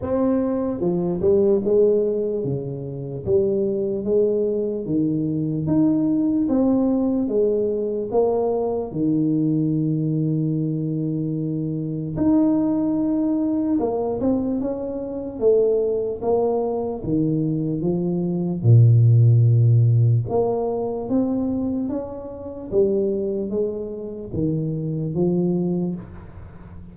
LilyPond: \new Staff \with { instrumentName = "tuba" } { \time 4/4 \tempo 4 = 74 c'4 f8 g8 gis4 cis4 | g4 gis4 dis4 dis'4 | c'4 gis4 ais4 dis4~ | dis2. dis'4~ |
dis'4 ais8 c'8 cis'4 a4 | ais4 dis4 f4 ais,4~ | ais,4 ais4 c'4 cis'4 | g4 gis4 dis4 f4 | }